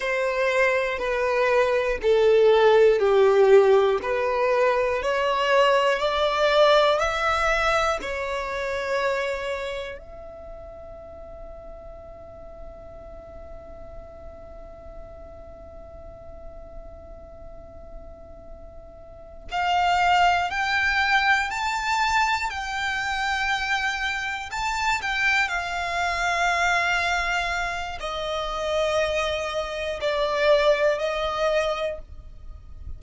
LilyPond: \new Staff \with { instrumentName = "violin" } { \time 4/4 \tempo 4 = 60 c''4 b'4 a'4 g'4 | b'4 cis''4 d''4 e''4 | cis''2 e''2~ | e''1~ |
e''2.~ e''8 f''8~ | f''8 g''4 a''4 g''4.~ | g''8 a''8 g''8 f''2~ f''8 | dis''2 d''4 dis''4 | }